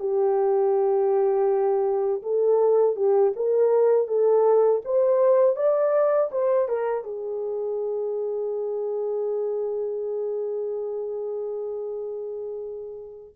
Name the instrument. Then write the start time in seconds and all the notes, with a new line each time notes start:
horn
0.00 G4
2.23 A4
2.96 G4
3.36 A#4
4.08 A4
4.85 C5
5.57 D5
6.32 C5
6.69 A#4
7.04 G#4